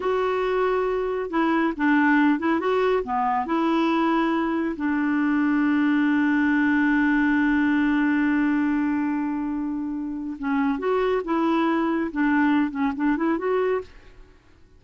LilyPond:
\new Staff \with { instrumentName = "clarinet" } { \time 4/4 \tempo 4 = 139 fis'2. e'4 | d'4. e'8 fis'4 b4 | e'2. d'4~ | d'1~ |
d'1~ | d'1 | cis'4 fis'4 e'2 | d'4. cis'8 d'8 e'8 fis'4 | }